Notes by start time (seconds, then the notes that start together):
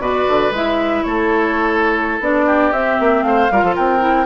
0.00 B2 F#4 B4 D5
0.28 D3
0.51 G#3 E4 E5
1.04 A3 A4 C#5
2.21 B3 D4 D5
2.46 G4
2.72 C4 E5
3.00 A#3
3.23 A3 C5 F5
3.52 G3 F4 A#4
3.63 F3 A4
3.76 C4 A#4 G5
4.00 E4